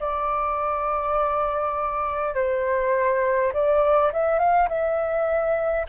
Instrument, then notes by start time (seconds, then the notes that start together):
flute
0.00 D5
2.35 C5
3.53 D5
4.13 E5
4.39 F5
4.69 E5